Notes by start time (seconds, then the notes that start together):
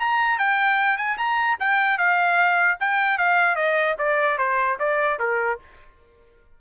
0.00 A#5
0.39 G5
0.98 G#5
1.18 A#5
1.60 G5
1.99 F5
2.81 G5
3.19 F5
3.56 D#5
3.99 D5
4.39 C5
4.80 D5
5.20 A#4